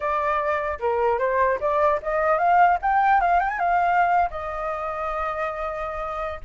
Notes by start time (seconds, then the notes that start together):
0.00 D5
0.79 A#4
1.18 C5
1.60 D5
2.02 D#5
2.38 F5
2.82 G5
3.20 F5
3.39 G5
3.49 G#5
3.59 F5
4.30 D#5